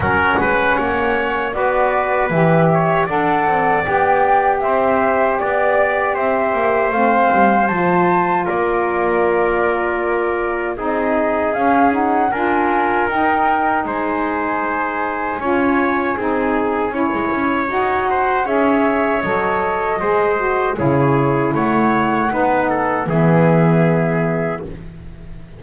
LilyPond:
<<
  \new Staff \with { instrumentName = "flute" } { \time 4/4 \tempo 4 = 78 fis''2 d''4 e''4 | fis''4 g''4 e''4 d''4 | e''4 f''4 a''4 d''4~ | d''2 dis''4 f''8 fis''8 |
gis''4 g''4 gis''2~ | gis''2. fis''4 | e''4 dis''2 cis''4 | fis''2 e''2 | }
  \new Staff \with { instrumentName = "trumpet" } { \time 4/4 ais'8 b'8 cis''4 b'4. cis''8 | d''2 c''4 d''4 | c''2. ais'4~ | ais'2 gis'2 |
ais'2 c''2 | cis''4 gis'4 cis''4. c''8 | cis''2 c''4 gis'4 | cis''4 b'8 a'8 gis'2 | }
  \new Staff \with { instrumentName = "saxophone" } { \time 4/4 cis'2 fis'4 g'4 | a'4 g'2.~ | g'4 c'4 f'2~ | f'2 dis'4 cis'8 dis'8 |
f'4 dis'2. | f'4 dis'4 e'4 fis'4 | gis'4 a'4 gis'8 fis'8 e'4~ | e'4 dis'4 b2 | }
  \new Staff \with { instrumentName = "double bass" } { \time 4/4 fis8 gis8 ais4 b4 e4 | d'8 c'8 b4 c'4 b4 | c'8 ais8 a8 g8 f4 ais4~ | ais2 c'4 cis'4 |
d'4 dis'4 gis2 | cis'4 c'4 cis'16 gis16 cis'8 dis'4 | cis'4 fis4 gis4 cis4 | a4 b4 e2 | }
>>